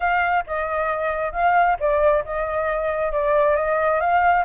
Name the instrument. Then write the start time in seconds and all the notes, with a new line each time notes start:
flute
0.00 F5
0.47 D#5
1.32 F5
1.79 D5
2.24 D#5
3.12 D5
3.56 D#5
4.00 F5